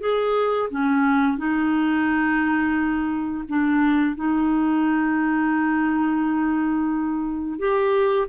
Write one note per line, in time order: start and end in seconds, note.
0.00 0.69 G#4
0.70 1.37 C#4
1.37 3.44 D#4
3.48 4.16 D4
4.16 7.59 D#4
7.59 8.28 G4